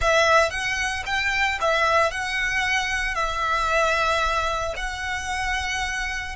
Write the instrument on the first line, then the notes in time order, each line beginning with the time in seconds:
violin
0.01 E5
0.50 F#5
1.05 G5
1.60 E5
2.11 F#5
3.14 E5
4.76 F#5